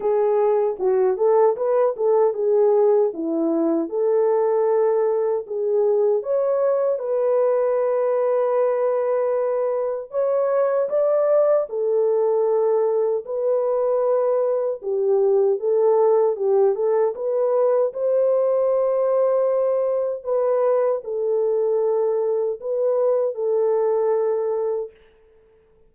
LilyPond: \new Staff \with { instrumentName = "horn" } { \time 4/4 \tempo 4 = 77 gis'4 fis'8 a'8 b'8 a'8 gis'4 | e'4 a'2 gis'4 | cis''4 b'2.~ | b'4 cis''4 d''4 a'4~ |
a'4 b'2 g'4 | a'4 g'8 a'8 b'4 c''4~ | c''2 b'4 a'4~ | a'4 b'4 a'2 | }